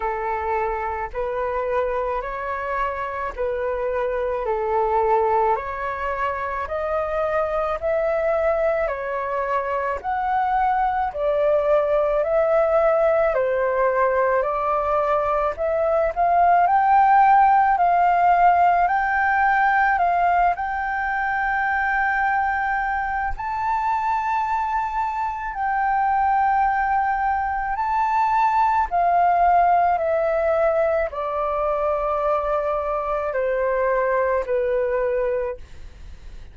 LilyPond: \new Staff \with { instrumentName = "flute" } { \time 4/4 \tempo 4 = 54 a'4 b'4 cis''4 b'4 | a'4 cis''4 dis''4 e''4 | cis''4 fis''4 d''4 e''4 | c''4 d''4 e''8 f''8 g''4 |
f''4 g''4 f''8 g''4.~ | g''4 a''2 g''4~ | g''4 a''4 f''4 e''4 | d''2 c''4 b'4 | }